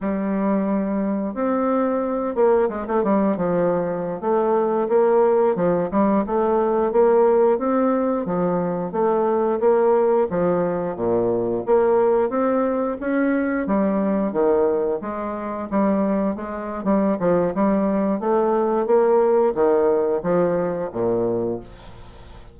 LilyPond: \new Staff \with { instrumentName = "bassoon" } { \time 4/4 \tempo 4 = 89 g2 c'4. ais8 | gis16 a16 g8 f4~ f16 a4 ais8.~ | ais16 f8 g8 a4 ais4 c'8.~ | c'16 f4 a4 ais4 f8.~ |
f16 ais,4 ais4 c'4 cis'8.~ | cis'16 g4 dis4 gis4 g8.~ | g16 gis8. g8 f8 g4 a4 | ais4 dis4 f4 ais,4 | }